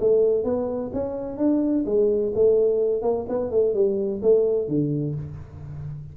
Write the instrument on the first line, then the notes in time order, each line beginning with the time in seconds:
tuba
0.00 A3
0.44 B3
0.93 C#4
1.38 D4
1.86 G#3
2.35 A3
3.02 A#3
3.29 B3
3.51 A3
3.74 G3
4.22 A3
4.68 D3